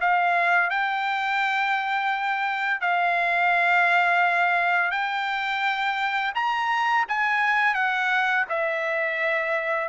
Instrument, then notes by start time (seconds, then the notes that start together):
trumpet
0.00 F5
0.70 G5
2.80 F5
4.91 G5
6.34 A#5
7.08 G#5
7.74 F#5
8.49 E5